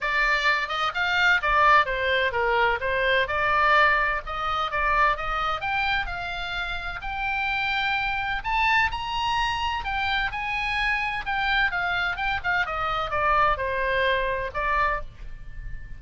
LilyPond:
\new Staff \with { instrumentName = "oboe" } { \time 4/4 \tempo 4 = 128 d''4. dis''8 f''4 d''4 | c''4 ais'4 c''4 d''4~ | d''4 dis''4 d''4 dis''4 | g''4 f''2 g''4~ |
g''2 a''4 ais''4~ | ais''4 g''4 gis''2 | g''4 f''4 g''8 f''8 dis''4 | d''4 c''2 d''4 | }